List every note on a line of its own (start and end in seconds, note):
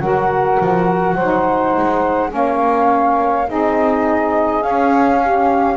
0.00 0.58 F#3
0.00 1.18 F#4
0.00 1.15 A#4
0.00 2.31 F#5
0.60 1.15 F3
1.15 1.73 F#3
1.15 2.30 C5
1.21 2.29 D#4
1.78 2.34 G#3
2.29 3.49 A#3
2.29 3.44 C#4
2.29 3.50 F5
2.35 3.47 C#5
3.47 4.63 C4
3.47 4.61 D#4
3.47 5.20 G#4
3.47 4.62 D#5
4.61 5.76 C#4
4.61 5.77 C#4
4.61 5.77 F5
5.21 5.77 G4